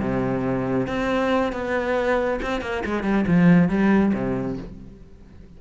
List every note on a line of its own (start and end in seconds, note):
0.00 0.87 C3
0.87 1.52 C4
1.52 2.40 B3
2.42 2.61 C4
2.61 2.83 A#3
2.85 3.03 G#3
3.03 3.25 G3
3.27 3.69 F3
3.69 4.13 G3
4.14 4.57 C3